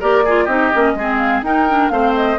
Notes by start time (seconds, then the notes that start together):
0.00 A#3 G4 A#4 D5
0.25 F4 G#4
0.44 C4 D#4 G4 D#5
0.73 A#3 C#4
0.94 G#3 C4 G#4
1.18 F5
1.42 D#4 A#4 G5
1.69 D4
1.90 A3 C4 C5 F5
2.16 D#5